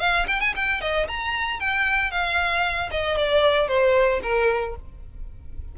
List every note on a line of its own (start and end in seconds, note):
0.00 0.26 F5
0.28 0.40 G5
0.40 0.54 G#5
0.56 0.81 G5
0.81 1.07 D#5
1.08 1.60 A#5
1.60 2.11 G5
2.11 2.90 F5
2.91 3.17 D#5
3.17 3.68 D5
3.68 4.20 C5
4.23 4.75 A#4